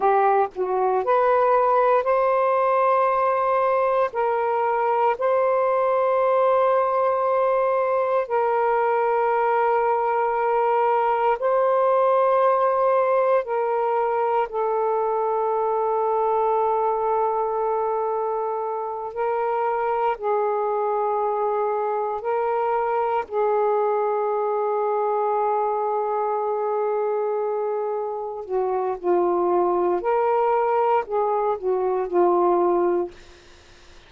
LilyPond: \new Staff \with { instrumentName = "saxophone" } { \time 4/4 \tempo 4 = 58 g'8 fis'8 b'4 c''2 | ais'4 c''2. | ais'2. c''4~ | c''4 ais'4 a'2~ |
a'2~ a'8 ais'4 gis'8~ | gis'4. ais'4 gis'4.~ | gis'2.~ gis'8 fis'8 | f'4 ais'4 gis'8 fis'8 f'4 | }